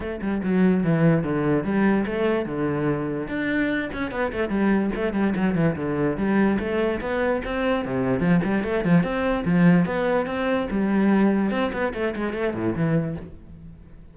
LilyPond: \new Staff \with { instrumentName = "cello" } { \time 4/4 \tempo 4 = 146 a8 g8 fis4 e4 d4 | g4 a4 d2 | d'4. cis'8 b8 a8 g4 | a8 g8 fis8 e8 d4 g4 |
a4 b4 c'4 c4 | f8 g8 a8 f8 c'4 f4 | b4 c'4 g2 | c'8 b8 a8 gis8 a8 a,8 e4 | }